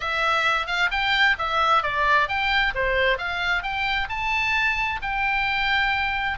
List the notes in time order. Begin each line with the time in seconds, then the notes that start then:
0.00 E5
0.66 F5
0.91 G5
1.38 E5
1.82 D5
2.28 G5
2.75 C5
3.17 F5
3.62 G5
4.09 A5
5.02 G5